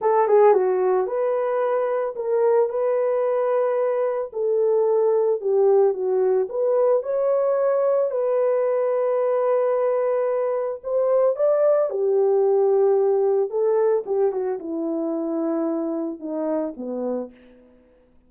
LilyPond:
\new Staff \with { instrumentName = "horn" } { \time 4/4 \tempo 4 = 111 a'8 gis'8 fis'4 b'2 | ais'4 b'2. | a'2 g'4 fis'4 | b'4 cis''2 b'4~ |
b'1 | c''4 d''4 g'2~ | g'4 a'4 g'8 fis'8 e'4~ | e'2 dis'4 b4 | }